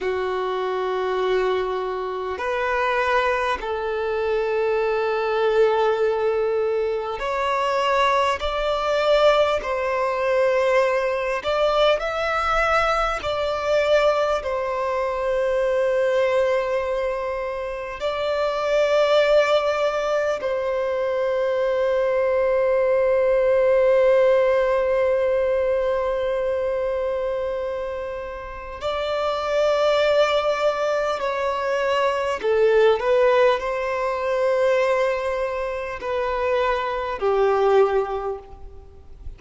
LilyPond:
\new Staff \with { instrumentName = "violin" } { \time 4/4 \tempo 4 = 50 fis'2 b'4 a'4~ | a'2 cis''4 d''4 | c''4. d''8 e''4 d''4 | c''2. d''4~ |
d''4 c''2.~ | c''1 | d''2 cis''4 a'8 b'8 | c''2 b'4 g'4 | }